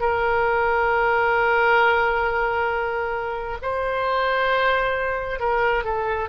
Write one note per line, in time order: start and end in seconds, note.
0.00 3.58 A#4
3.62 5.40 C5
5.40 5.84 A#4
5.84 6.29 A4